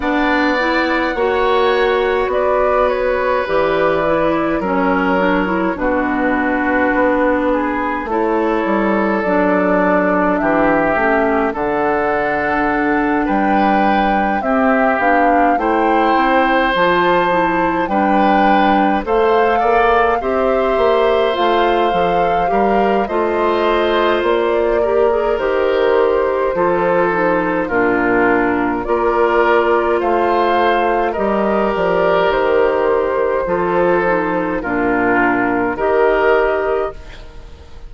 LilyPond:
<<
  \new Staff \with { instrumentName = "flute" } { \time 4/4 \tempo 4 = 52 fis''2 d''8 cis''8 d''4 | cis''4 b'2 cis''4 | d''4 e''4 fis''4. g''8~ | g''8 e''8 f''8 g''4 a''4 g''8~ |
g''8 f''4 e''4 f''4. | dis''4 d''4 c''2 | ais'4 d''4 f''4 dis''8 d''8 | c''2 ais'4 dis''4 | }
  \new Staff \with { instrumentName = "oboe" } { \time 4/4 d''4 cis''4 b'2 | ais'4 fis'4. gis'8 a'4~ | a'4 g'4 a'4. b'8~ | b'8 g'4 c''2 b'8~ |
b'8 c''8 d''8 c''2 ais'8 | c''4. ais'4. a'4 | f'4 ais'4 c''4 ais'4~ | ais'4 a'4 f'4 ais'4 | }
  \new Staff \with { instrumentName = "clarinet" } { \time 4/4 d'8 e'8 fis'2 g'8 e'8 | cis'8 d'16 e'16 d'2 e'4 | d'4. cis'8 d'2~ | d'8 c'8 d'8 e'4 f'8 e'8 d'8~ |
d'8 a'4 g'4 f'8 a'8 g'8 | f'4. g'16 gis'16 g'4 f'8 dis'8 | d'4 f'2 g'4~ | g'4 f'8 dis'8 d'4 g'4 | }
  \new Staff \with { instrumentName = "bassoon" } { \time 4/4 b4 ais4 b4 e4 | fis4 b,4 b4 a8 g8 | fis4 e8 a8 d4. g8~ | g8 c'8 b8 a8 c'8 f4 g8~ |
g8 a8 ais8 c'8 ais8 a8 f8 g8 | a4 ais4 dis4 f4 | ais,4 ais4 a4 g8 f8 | dis4 f4 ais,4 dis4 | }
>>